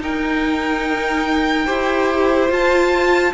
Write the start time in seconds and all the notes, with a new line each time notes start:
0.00 D#4 A#4 G5
1.66 E4 G4 C5
2.49 F4 A5